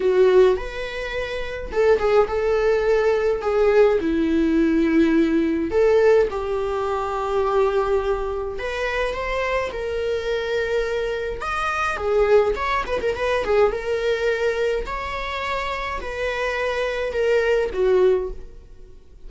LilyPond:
\new Staff \with { instrumentName = "viola" } { \time 4/4 \tempo 4 = 105 fis'4 b'2 a'8 gis'8 | a'2 gis'4 e'4~ | e'2 a'4 g'4~ | g'2. b'4 |
c''4 ais'2. | dis''4 gis'4 cis''8 b'16 ais'16 b'8 gis'8 | ais'2 cis''2 | b'2 ais'4 fis'4 | }